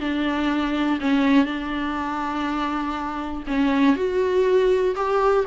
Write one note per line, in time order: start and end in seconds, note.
0.00 0.99 D4
1.00 1.45 C#4
1.45 3.43 D4
3.47 3.96 C#4
3.96 4.95 F#4
4.95 5.45 G4